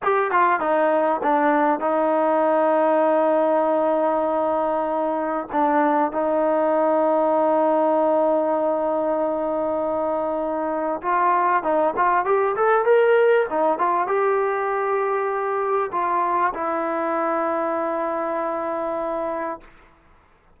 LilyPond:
\new Staff \with { instrumentName = "trombone" } { \time 4/4 \tempo 4 = 98 g'8 f'8 dis'4 d'4 dis'4~ | dis'1~ | dis'4 d'4 dis'2~ | dis'1~ |
dis'2 f'4 dis'8 f'8 | g'8 a'8 ais'4 dis'8 f'8 g'4~ | g'2 f'4 e'4~ | e'1 | }